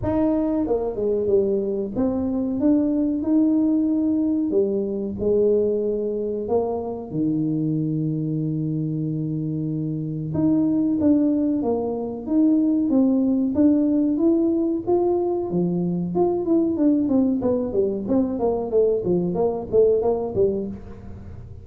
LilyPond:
\new Staff \with { instrumentName = "tuba" } { \time 4/4 \tempo 4 = 93 dis'4 ais8 gis8 g4 c'4 | d'4 dis'2 g4 | gis2 ais4 dis4~ | dis1 |
dis'4 d'4 ais4 dis'4 | c'4 d'4 e'4 f'4 | f4 f'8 e'8 d'8 c'8 b8 g8 | c'8 ais8 a8 f8 ais8 a8 ais8 g8 | }